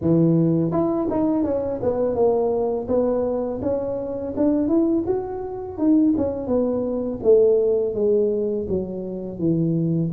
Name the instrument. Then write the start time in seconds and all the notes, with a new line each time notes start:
tuba
0.01 E3
0.71 E4
1.10 D#4
1.44 C#4
1.82 B3
2.15 A#3
2.88 B3
3.61 C#4
4.37 D4
4.68 E4
5.06 F#4
5.77 D#4
6.17 C#4
6.47 B3
7.23 A3
7.94 G#3
8.68 F#3
9.38 E3